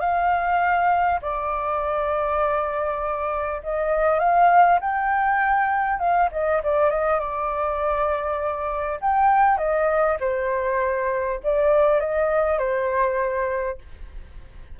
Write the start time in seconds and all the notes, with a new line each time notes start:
0.00 F5
1.21 D5
3.63 D#5
4.19 F5
4.80 G5
5.99 F5
6.31 D#5
6.63 D5
6.90 D#5
7.19 D5
9.01 G5
9.57 D#5
10.20 C5
11.43 D5
12.00 D#5
12.58 C5